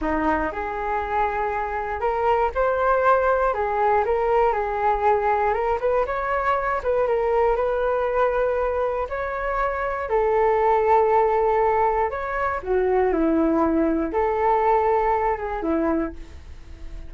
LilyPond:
\new Staff \with { instrumentName = "flute" } { \time 4/4 \tempo 4 = 119 dis'4 gis'2. | ais'4 c''2 gis'4 | ais'4 gis'2 ais'8 b'8 | cis''4. b'8 ais'4 b'4~ |
b'2 cis''2 | a'1 | cis''4 fis'4 e'2 | a'2~ a'8 gis'8 e'4 | }